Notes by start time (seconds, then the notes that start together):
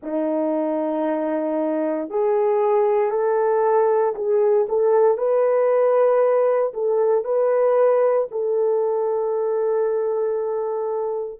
0.03 D#4
2.09 G#4
3.10 A4
4.15 G#4
4.68 A4
5.17 B4
6.73 A4
7.24 B4
8.30 A4